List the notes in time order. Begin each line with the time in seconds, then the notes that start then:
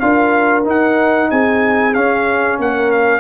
0.00 D4 F4 A#4 F5
0.65 D#4 F#5
1.31 C4 G#4 G#5
1.94 C#4 F5
2.59 A#3 A#4 F#5
2.92 F5